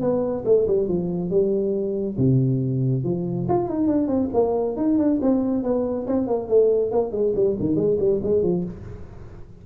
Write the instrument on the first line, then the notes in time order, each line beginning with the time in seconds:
tuba
0.00 B3
0.45 A3
0.67 G3
0.88 F3
1.30 G3
2.17 C3
3.03 F3
3.48 F4
3.69 D#4
3.87 D4
4.07 C4
4.33 A#3
4.76 D#4
4.98 D4
5.21 C4
5.63 B3
6.06 C4
6.27 A#3
6.48 A3
6.91 A#3
7.11 G#3
7.35 G3
7.60 D#3
7.75 G#3
7.99 G3
8.23 G#3
8.42 F3